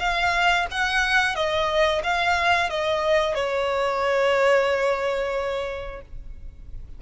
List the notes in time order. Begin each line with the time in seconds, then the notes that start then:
0.00 F5
0.72 F#5
1.36 D#5
2.04 F5
2.70 D#5
3.35 C#5